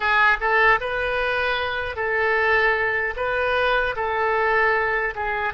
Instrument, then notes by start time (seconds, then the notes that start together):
oboe
0.00 G#4
0.40 A4
0.80 B4
1.96 A4
3.16 B4
3.95 A4
5.15 G#4